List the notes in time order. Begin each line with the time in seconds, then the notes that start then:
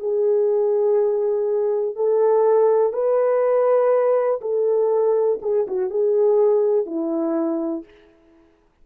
0.00 G#4
1.96 A4
2.93 B4
4.42 A4
5.42 G#4
5.68 F#4
5.91 G#4
6.87 E4